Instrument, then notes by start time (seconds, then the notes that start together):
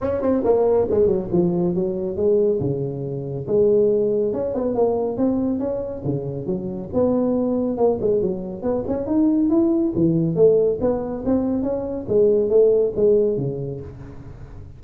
tuba
0.01 C#4
0.21 C4
0.44 A#3
0.90 G#3
1.06 F#3
1.32 F3
1.75 F#3
2.16 G#3
2.60 C#3
3.47 G#3
4.33 C#4
4.54 B3
4.74 A#3
5.17 C4
5.59 C#4
6.05 C#3
6.46 F#3
6.93 B3
7.77 A#3
8.00 G#3
8.21 F#3
8.62 B3
8.87 C#4
9.06 D#4
9.49 E4
9.95 E3
10.35 A3
10.81 B3
11.25 C4
11.62 C#4
12.08 G#3
12.49 A3
12.95 G#3
13.37 C#3